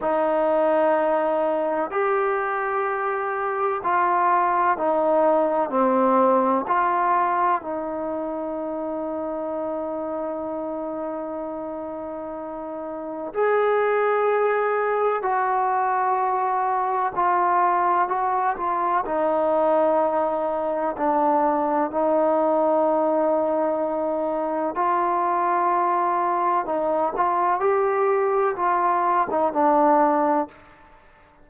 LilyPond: \new Staff \with { instrumentName = "trombone" } { \time 4/4 \tempo 4 = 63 dis'2 g'2 | f'4 dis'4 c'4 f'4 | dis'1~ | dis'2 gis'2 |
fis'2 f'4 fis'8 f'8 | dis'2 d'4 dis'4~ | dis'2 f'2 | dis'8 f'8 g'4 f'8. dis'16 d'4 | }